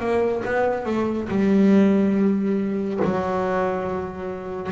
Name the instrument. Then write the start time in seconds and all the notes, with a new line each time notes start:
double bass
0.00 A#3
0.45 B3
0.86 A3
1.29 G3
3.05 F#3